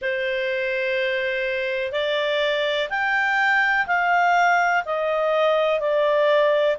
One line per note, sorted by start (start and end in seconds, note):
0.01 1.91 C5
1.91 2.88 D5
2.89 3.86 G5
3.86 4.83 F5
4.85 5.80 D#5
5.80 6.77 D5